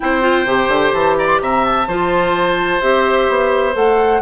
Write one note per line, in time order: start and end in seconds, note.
0.00 0.45 C4
0.00 0.21 E4
0.00 1.17 C5
0.00 0.92 G5
0.21 0.45 F4
0.45 0.68 C3
0.45 1.87 G4
0.68 0.91 D3
0.92 1.39 E3
0.92 1.16 A5
1.17 1.41 D5
1.17 1.26 A#5
1.26 1.38 C6
1.40 1.87 C3
1.40 1.88 E5
1.40 1.65 A#5
1.65 2.81 A5
1.87 2.81 F3
1.87 2.81 F4
1.87 4.22 C5
2.81 3.28 C4
2.81 3.73 G4
2.81 3.74 E5
3.28 3.75 B3
3.73 4.22 A3
3.73 4.20 A4
3.73 4.22 F#5